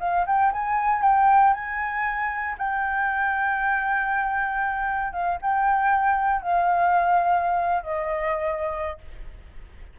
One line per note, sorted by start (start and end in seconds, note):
0.00 0.26 F5
0.27 0.52 G5
0.53 1.02 G#5
1.02 1.54 G5
1.54 2.56 G#5
2.58 5.13 G5
5.13 5.39 F5
5.42 6.42 G5
6.42 7.83 F5
7.83 8.99 D#5